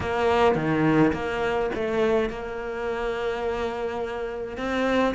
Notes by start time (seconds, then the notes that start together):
0.00 A#3
0.55 D#3
1.13 A#3
1.74 A3
2.29 A#3
4.57 C4